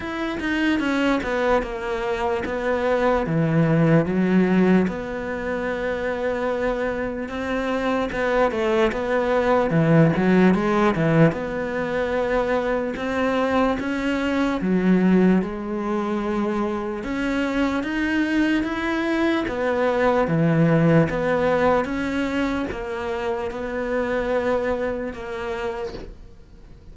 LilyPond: \new Staff \with { instrumentName = "cello" } { \time 4/4 \tempo 4 = 74 e'8 dis'8 cis'8 b8 ais4 b4 | e4 fis4 b2~ | b4 c'4 b8 a8 b4 | e8 fis8 gis8 e8 b2 |
c'4 cis'4 fis4 gis4~ | gis4 cis'4 dis'4 e'4 | b4 e4 b4 cis'4 | ais4 b2 ais4 | }